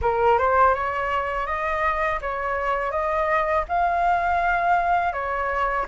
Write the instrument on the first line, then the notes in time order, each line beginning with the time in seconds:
flute
0.01 A#4
0.38 C5
0.74 C#5
1.46 D#5
2.21 C#5
2.91 D#5
3.68 F5
5.12 C#5